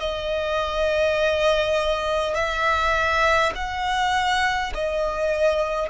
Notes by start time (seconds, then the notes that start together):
0.00 D#5
2.35 E5
3.55 F#5
4.74 D#5